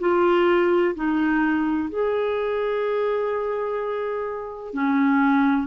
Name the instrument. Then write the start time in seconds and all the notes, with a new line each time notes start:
clarinet
0.00 F4
0.96 D#4
1.90 G#4
4.74 C#4